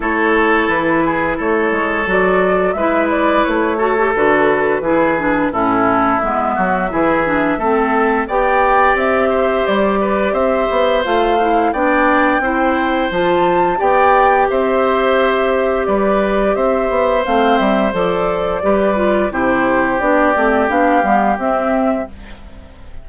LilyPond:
<<
  \new Staff \with { instrumentName = "flute" } { \time 4/4 \tempo 4 = 87 cis''4 b'4 cis''4 d''4 | e''8 d''8 cis''4 b'2 | a'4 e''2. | g''4 e''4 d''4 e''4 |
f''4 g''2 a''4 | g''4 e''2 d''4 | e''4 f''8 e''8 d''2 | c''4 d''4 f''4 e''4 | }
  \new Staff \with { instrumentName = "oboe" } { \time 4/4 a'4. gis'8 a'2 | b'4. a'4. gis'4 | e'4. fis'8 gis'4 a'4 | d''4. c''4 b'8 c''4~ |
c''4 d''4 c''2 | d''4 c''2 b'4 | c''2. b'4 | g'1 | }
  \new Staff \with { instrumentName = "clarinet" } { \time 4/4 e'2. fis'4 | e'4. fis'16 g'16 fis'4 e'8 d'8 | cis'4 b4 e'8 d'8 c'4 | g'1 |
f'8 e'8 d'4 e'4 f'4 | g'1~ | g'4 c'4 a'4 g'8 f'8 | e'4 d'8 c'8 d'8 b8 c'4 | }
  \new Staff \with { instrumentName = "bassoon" } { \time 4/4 a4 e4 a8 gis8 fis4 | gis4 a4 d4 e4 | a,4 gis8 fis8 e4 a4 | b4 c'4 g4 c'8 b8 |
a4 b4 c'4 f4 | b4 c'2 g4 | c'8 b8 a8 g8 f4 g4 | c4 b8 a8 b8 g8 c'4 | }
>>